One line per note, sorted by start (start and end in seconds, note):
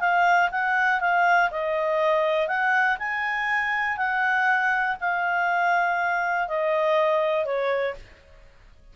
0.00 0.50 F5
0.51 1.00 F#5
1.00 1.50 F5
1.50 2.47 D#5
2.47 2.97 F#5
2.99 3.97 G#5
3.97 4.96 F#5
5.00 6.48 F5
6.48 7.45 D#5
7.45 7.95 C#5